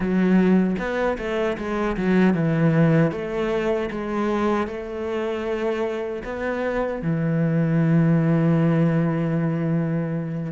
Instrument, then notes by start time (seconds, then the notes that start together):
cello
0.00 F#3
0.78 B3
1.18 A3
1.57 G#3
1.97 F#3
2.34 E3
3.11 A3
3.90 G#3
4.67 A3
6.23 B3
7.01 E3